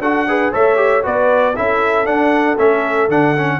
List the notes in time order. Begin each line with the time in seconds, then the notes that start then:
0.00 D4 F#4 A4 F#5
0.28 G#4 B4
0.52 A3 A4 C#5 E5
0.76 G4
1.03 B3 F#4 B4 D5
1.55 C#4 E4 A4 E5
2.06 D4 F#5
2.58 A3 C#4 E5
3.08 D3 D4 F#5
3.37 C#4